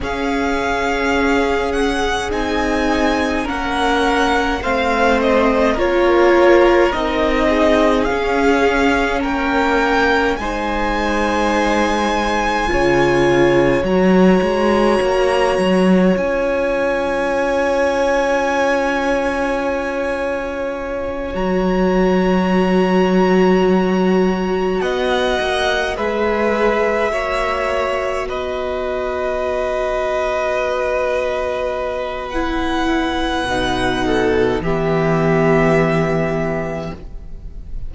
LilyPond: <<
  \new Staff \with { instrumentName = "violin" } { \time 4/4 \tempo 4 = 52 f''4. fis''8 gis''4 fis''4 | f''8 dis''8 cis''4 dis''4 f''4 | g''4 gis''2. | ais''2 gis''2~ |
gis''2~ gis''8 ais''4.~ | ais''4. fis''4 e''4.~ | e''8 dis''2.~ dis''8 | fis''2 e''2 | }
  \new Staff \with { instrumentName = "violin" } { \time 4/4 gis'2. ais'4 | c''4 ais'4. gis'4. | ais'4 c''2 cis''4~ | cis''1~ |
cis''1~ | cis''4. dis''4 b'4 cis''8~ | cis''8 b'2.~ b'8~ | b'4. a'8 g'2 | }
  \new Staff \with { instrumentName = "viola" } { \time 4/4 cis'2 dis'4 cis'4 | c'4 f'4 dis'4 cis'4~ | cis'4 dis'2 f'4 | fis'2 f'2~ |
f'2~ f'8 fis'4.~ | fis'2~ fis'8 gis'4 fis'8~ | fis'1 | e'4 dis'4 b2 | }
  \new Staff \with { instrumentName = "cello" } { \time 4/4 cis'2 c'4 ais4 | a4 ais4 c'4 cis'4 | ais4 gis2 cis4 | fis8 gis8 ais8 fis8 cis'2~ |
cis'2~ cis'8 fis4.~ | fis4. b8 ais8 gis4 ais8~ | ais8 b2.~ b8~ | b4 b,4 e2 | }
>>